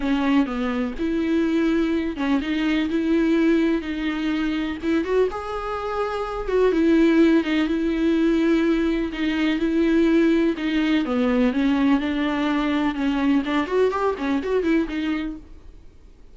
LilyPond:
\new Staff \with { instrumentName = "viola" } { \time 4/4 \tempo 4 = 125 cis'4 b4 e'2~ | e'8 cis'8 dis'4 e'2 | dis'2 e'8 fis'8 gis'4~ | gis'4. fis'8 e'4. dis'8 |
e'2. dis'4 | e'2 dis'4 b4 | cis'4 d'2 cis'4 | d'8 fis'8 g'8 cis'8 fis'8 e'8 dis'4 | }